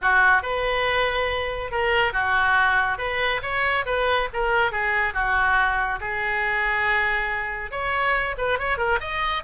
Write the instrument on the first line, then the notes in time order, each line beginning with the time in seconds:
oboe
0.01 F#4
0.42 B4
1.71 A#4
2.12 F#4
2.98 B4
3.42 C#5
3.85 B4
4.33 A#4
4.71 G#4
5.13 F#4
6.00 G#4
7.71 C#5
8.37 B4
8.58 C#5
8.77 A#4
9.00 D#5